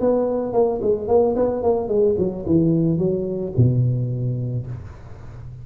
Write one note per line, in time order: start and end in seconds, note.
0.00 0.53 B3
0.53 0.80 A#3
0.82 1.08 G#3
1.08 1.35 A#3
1.36 1.62 B3
1.62 1.88 A#3
1.88 2.15 G#3
2.18 2.45 F#3
2.46 2.98 E3
2.98 3.53 F#3
3.57 4.66 B2